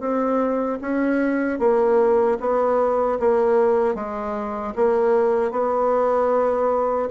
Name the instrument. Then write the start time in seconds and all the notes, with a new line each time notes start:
bassoon
0.00 C4
0.81 C#4
1.59 A#3
2.40 B3
3.20 A#3
3.95 G#3
4.76 A#3
5.51 B3